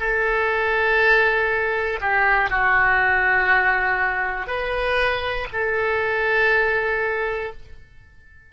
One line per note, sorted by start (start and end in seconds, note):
0.00 2.00 A4
2.01 2.50 G4
2.50 4.47 F#4
4.47 5.47 B4
5.53 7.53 A4